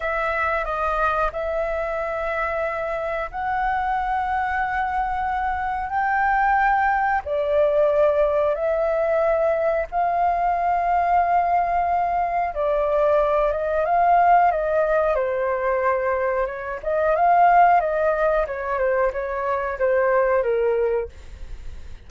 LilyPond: \new Staff \with { instrumentName = "flute" } { \time 4/4 \tempo 4 = 91 e''4 dis''4 e''2~ | e''4 fis''2.~ | fis''4 g''2 d''4~ | d''4 e''2 f''4~ |
f''2. d''4~ | d''8 dis''8 f''4 dis''4 c''4~ | c''4 cis''8 dis''8 f''4 dis''4 | cis''8 c''8 cis''4 c''4 ais'4 | }